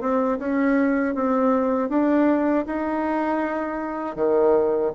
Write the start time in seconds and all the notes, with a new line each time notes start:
0.00 C4
0.39 C#4
1.15 C4
1.89 D4
2.66 D#4
4.15 D#3